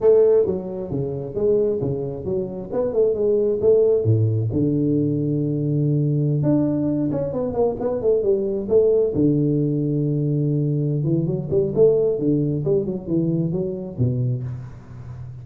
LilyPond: \new Staff \with { instrumentName = "tuba" } { \time 4/4 \tempo 4 = 133 a4 fis4 cis4 gis4 | cis4 fis4 b8 a8 gis4 | a4 a,4 d2~ | d2~ d16 d'4. cis'16~ |
cis'16 b8 ais8 b8 a8 g4 a8.~ | a16 d2.~ d8.~ | d8 e8 fis8 g8 a4 d4 | g8 fis8 e4 fis4 b,4 | }